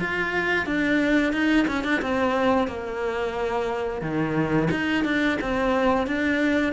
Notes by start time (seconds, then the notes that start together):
0.00 F4
0.66 D4
1.33 D#4
1.68 C#4
1.84 D4
2.02 C4
2.68 A#3
4.02 D#3
4.71 D#4
5.05 D4
5.41 C4
6.07 D4